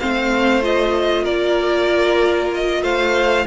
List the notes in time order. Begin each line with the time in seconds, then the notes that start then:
0.00 A3 C4 C5 F5
0.62 F4 D#5
1.24 A#3 A#4 D5
2.55 D#5
2.82 A3 C5 F5